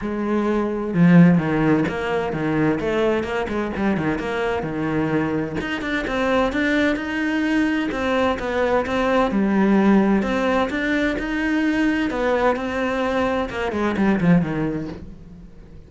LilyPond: \new Staff \with { instrumentName = "cello" } { \time 4/4 \tempo 4 = 129 gis2 f4 dis4 | ais4 dis4 a4 ais8 gis8 | g8 dis8 ais4 dis2 | dis'8 d'8 c'4 d'4 dis'4~ |
dis'4 c'4 b4 c'4 | g2 c'4 d'4 | dis'2 b4 c'4~ | c'4 ais8 gis8 g8 f8 dis4 | }